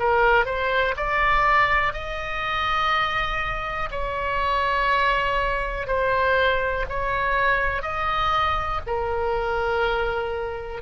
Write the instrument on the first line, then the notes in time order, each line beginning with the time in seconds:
oboe
0.00 A#4
0.46 C5
0.97 D5
1.93 D#5
3.91 C#5
5.87 C5
6.89 C#5
7.82 D#5
8.87 A#4